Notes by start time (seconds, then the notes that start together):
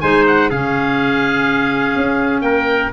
0.00 G#3 D#4 C5 G#5
0.26 F#5
0.49 C#3 C#4 G#4 F5
1.95 C#4
2.41 A#3 A#4 G5